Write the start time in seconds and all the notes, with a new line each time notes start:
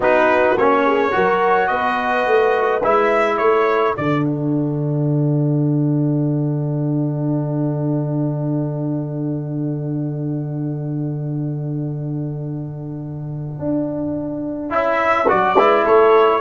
0.00 B3 D#4 F#4 B4
0.57 A#3 C#4 C#5
0.85 G#4
1.11 F#3 F#4 A#4
1.67 B3 B4 D#5
2.26 A3
2.83 G#3 E4 E5
3.37 A3 A4 C#5
3.95 D3 D4 D5
4.25 F#5
13.58 D4
14.69 C#4 E4 E5
15.28 F#3 F#4 D5
15.56 G#3 E4 B4
15.83 A3 A4 C#5